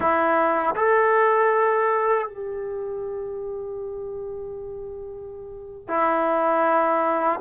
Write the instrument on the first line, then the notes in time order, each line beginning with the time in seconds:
trombone
0.00 E4
0.75 A4
2.27 G4
5.88 E4